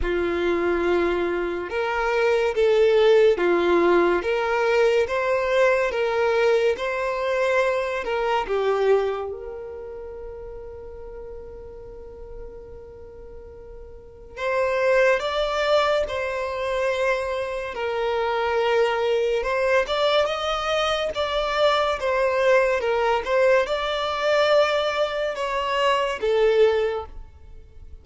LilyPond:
\new Staff \with { instrumentName = "violin" } { \time 4/4 \tempo 4 = 71 f'2 ais'4 a'4 | f'4 ais'4 c''4 ais'4 | c''4. ais'8 g'4 ais'4~ | ais'1~ |
ais'4 c''4 d''4 c''4~ | c''4 ais'2 c''8 d''8 | dis''4 d''4 c''4 ais'8 c''8 | d''2 cis''4 a'4 | }